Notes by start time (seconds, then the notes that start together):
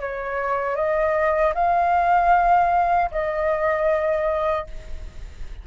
0.00 C#5
0.75 D#5
1.54 F5
3.11 D#5